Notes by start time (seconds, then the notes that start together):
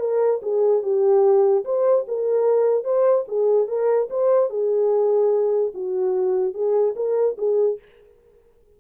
0.00 A#4
0.42 G#4
0.83 G4
1.65 C5
2.08 A#4
2.84 C5
3.28 G#4
3.68 A#4
4.10 C5
4.50 G#4
5.74 F#4
6.54 G#4
6.96 A#4
7.38 G#4